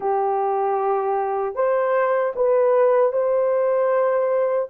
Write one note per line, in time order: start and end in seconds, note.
0.00 1.55 G4
1.55 2.33 C5
2.36 3.12 B4
3.12 4.68 C5